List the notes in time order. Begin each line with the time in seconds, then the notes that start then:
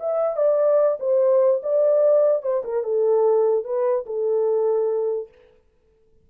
0.00 E5
0.37 D5
1.00 C5
1.63 D5
2.42 C5
2.64 A#4
2.84 A4
3.65 B4
4.06 A4